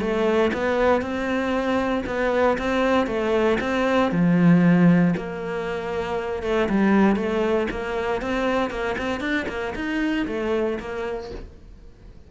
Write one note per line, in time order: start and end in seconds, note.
0.00 0.51 A3
0.53 1.01 B3
1.01 2.04 C4
2.06 2.57 B3
2.58 3.06 C4
3.06 3.58 A3
3.60 4.11 C4
4.11 5.14 F3
5.17 6.42 A#3
6.42 6.68 A3
6.69 7.16 G3
7.16 7.67 A3
7.71 8.21 A#3
8.21 8.70 C4
8.70 8.96 A#3
8.98 9.20 C4
9.20 9.46 D4
9.48 9.74 A#3
9.75 10.26 D#4
10.27 10.78 A3
10.79 11.31 A#3